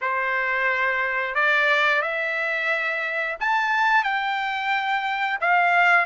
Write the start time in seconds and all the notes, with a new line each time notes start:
0.01 C5
1.34 D5
2.02 E5
3.40 A5
4.03 G5
5.41 F5